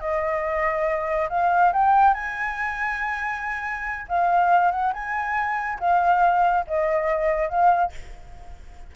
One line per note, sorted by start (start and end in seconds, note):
0.00 1.29 D#5
1.30 1.72 F5
1.73 2.14 G5
2.14 4.07 G#5
4.09 4.71 F5
4.71 4.93 F#5
4.93 5.79 G#5
5.80 6.65 F5
6.68 7.49 D#5
7.49 7.92 F5